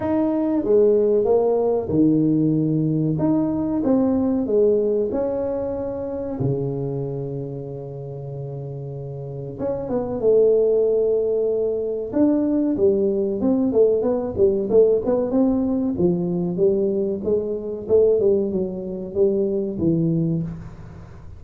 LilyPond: \new Staff \with { instrumentName = "tuba" } { \time 4/4 \tempo 4 = 94 dis'4 gis4 ais4 dis4~ | dis4 dis'4 c'4 gis4 | cis'2 cis2~ | cis2. cis'8 b8 |
a2. d'4 | g4 c'8 a8 b8 g8 a8 b8 | c'4 f4 g4 gis4 | a8 g8 fis4 g4 e4 | }